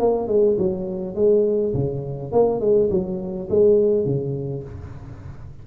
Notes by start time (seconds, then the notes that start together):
0.00 A#3
0.28 G#3
0.58 F#3
1.15 G#3
1.74 C#3
2.32 A#3
2.61 G#3
2.90 F#3
3.50 G#3
4.05 C#3